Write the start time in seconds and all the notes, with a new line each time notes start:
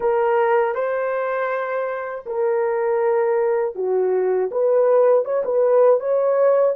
0.00 A#4
0.74 C5
2.26 A#4
3.75 F#4
4.51 B4
5.24 C#5
5.44 B4
6.00 C#5